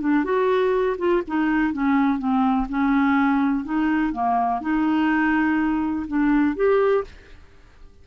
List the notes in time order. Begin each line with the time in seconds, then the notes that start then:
0.00 D4
0.24 F#4
0.98 F4
1.27 D#4
1.73 C#4
2.19 C4
2.69 C#4
3.65 D#4
4.13 A#3
4.61 D#4
6.07 D4
6.56 G4